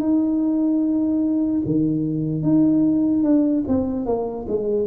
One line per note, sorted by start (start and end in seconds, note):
0.00 1.62 D#4
1.65 2.43 D#3
2.43 3.24 D#4
3.24 3.64 D4
3.68 4.06 C4
4.06 4.46 A#3
4.48 4.87 G#3